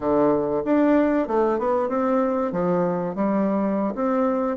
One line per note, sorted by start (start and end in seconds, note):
0.00 0.62 D3
0.64 1.27 D4
1.27 1.58 A3
1.58 1.89 B3
1.89 2.51 C4
2.51 3.15 F3
3.15 3.94 G3
3.94 4.56 C4